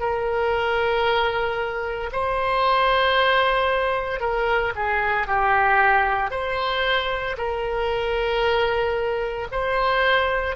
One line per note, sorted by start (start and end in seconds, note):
0.00 2.11 A#4
2.12 4.20 C5
4.20 4.73 A#4
4.76 5.27 G#4
5.27 6.31 G4
6.31 7.36 C5
7.37 9.48 A#4
9.52 10.56 C5